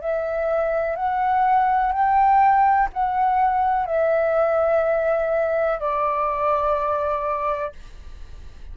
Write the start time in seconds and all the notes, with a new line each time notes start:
0.00 E5
0.95 F#5
1.92 G5
2.93 F#5
3.85 E5
5.79 D5